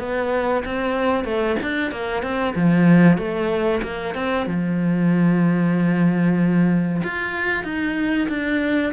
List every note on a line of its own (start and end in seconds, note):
0.00 0.64 B3
0.66 1.25 C4
1.25 1.57 A3
1.63 1.92 D4
1.92 2.23 A#3
2.23 2.55 C4
2.56 3.18 F3
3.18 3.82 A3
3.83 4.15 A#3
4.15 4.47 C4
4.47 7.02 F3
7.04 7.65 F4
7.65 8.28 D#4
8.29 8.93 D4